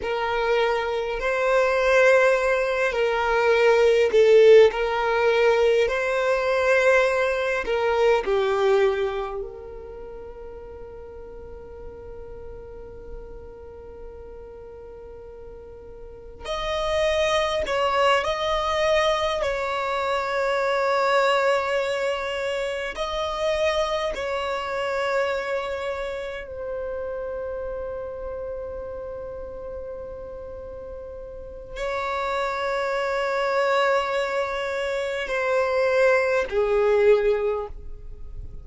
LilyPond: \new Staff \with { instrumentName = "violin" } { \time 4/4 \tempo 4 = 51 ais'4 c''4. ais'4 a'8 | ais'4 c''4. ais'8 g'4 | ais'1~ | ais'2 dis''4 cis''8 dis''8~ |
dis''8 cis''2. dis''8~ | dis''8 cis''2 c''4.~ | c''2. cis''4~ | cis''2 c''4 gis'4 | }